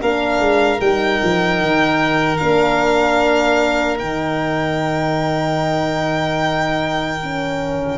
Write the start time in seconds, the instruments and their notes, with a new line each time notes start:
0.00 tuba A#3, horn D4, violin A#4 F5
0.40 tuba G#3
0.80 tuba G3, horn D#4, violin G5
1.23 tuba F3
1.61 tuba D#3
2.37 tuba A#3, horn D4, violin F5
3.99 tuba D#3, horn D#4, violin G5
7.23 horn C#4